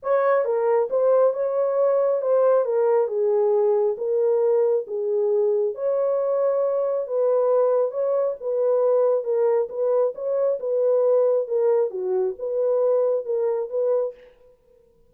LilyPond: \new Staff \with { instrumentName = "horn" } { \time 4/4 \tempo 4 = 136 cis''4 ais'4 c''4 cis''4~ | cis''4 c''4 ais'4 gis'4~ | gis'4 ais'2 gis'4~ | gis'4 cis''2. |
b'2 cis''4 b'4~ | b'4 ais'4 b'4 cis''4 | b'2 ais'4 fis'4 | b'2 ais'4 b'4 | }